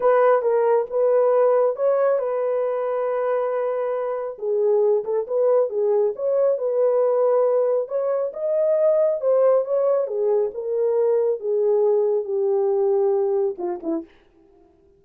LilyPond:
\new Staff \with { instrumentName = "horn" } { \time 4/4 \tempo 4 = 137 b'4 ais'4 b'2 | cis''4 b'2.~ | b'2 gis'4. a'8 | b'4 gis'4 cis''4 b'4~ |
b'2 cis''4 dis''4~ | dis''4 c''4 cis''4 gis'4 | ais'2 gis'2 | g'2. f'8 e'8 | }